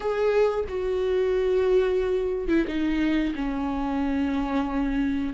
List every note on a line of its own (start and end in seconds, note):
0.00 0.65 G#4
0.68 2.48 F#4
2.48 2.65 E4
2.67 3.34 D#4
3.35 5.33 C#4